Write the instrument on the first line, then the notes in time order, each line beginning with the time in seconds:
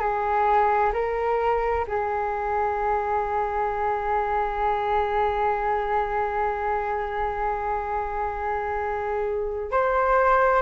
flute
0.00 G#4
0.94 A#4
1.88 G#4
9.71 C5